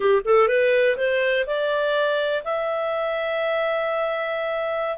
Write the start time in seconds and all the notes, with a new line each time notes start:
0.00 G4
0.24 A4
0.48 B4
0.97 C5
1.46 D5
2.43 E5